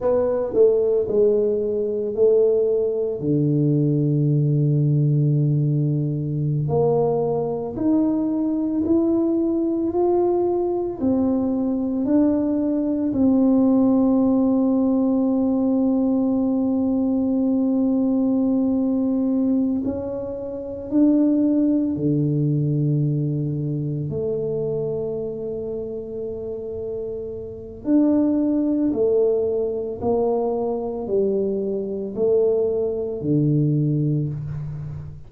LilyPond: \new Staff \with { instrumentName = "tuba" } { \time 4/4 \tempo 4 = 56 b8 a8 gis4 a4 d4~ | d2~ d16 ais4 dis'8.~ | dis'16 e'4 f'4 c'4 d'8.~ | d'16 c'2.~ c'8.~ |
c'2~ c'8 cis'4 d'8~ | d'8 d2 a4.~ | a2 d'4 a4 | ais4 g4 a4 d4 | }